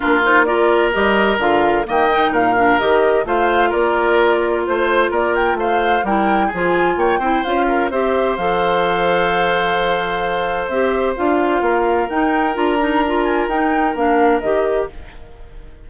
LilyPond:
<<
  \new Staff \with { instrumentName = "flute" } { \time 4/4 \tempo 4 = 129 ais'8 c''8 d''4 dis''4 f''4 | g''4 f''4 dis''4 f''4 | d''2 c''4 d''8 g''8 | f''4 g''4 gis''4 g''4 |
f''4 e''4 f''2~ | f''2. e''4 | f''2 g''4 ais''4~ | ais''8 gis''8 g''4 f''4 dis''4 | }
  \new Staff \with { instrumentName = "oboe" } { \time 4/4 f'4 ais'2. | dis''4 ais'2 c''4 | ais'2 c''4 ais'4 | c''4 ais'4 gis'4 cis''8 c''8~ |
c''8 ais'8 c''2.~ | c''1~ | c''4 ais'2.~ | ais'1 | }
  \new Staff \with { instrumentName = "clarinet" } { \time 4/4 d'8 dis'8 f'4 g'4 f'4 | ais8 dis'4 d'8 g'4 f'4~ | f'1~ | f'4 e'4 f'4. e'8 |
f'4 g'4 a'2~ | a'2. g'4 | f'2 dis'4 f'8 dis'8 | f'4 dis'4 d'4 g'4 | }
  \new Staff \with { instrumentName = "bassoon" } { \time 4/4 ais2 g4 d4 | dis4 ais,4 dis4 a4 | ais2 a4 ais4 | a4 g4 f4 ais8 c'8 |
cis'4 c'4 f2~ | f2. c'4 | d'4 ais4 dis'4 d'4~ | d'4 dis'4 ais4 dis4 | }
>>